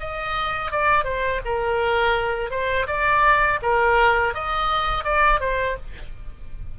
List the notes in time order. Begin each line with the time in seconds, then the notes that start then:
0.00 D#5
0.72 D5
1.05 C5
1.45 A#4
2.51 C5
2.88 D5
3.62 A#4
4.35 D#5
5.05 D5
5.41 C5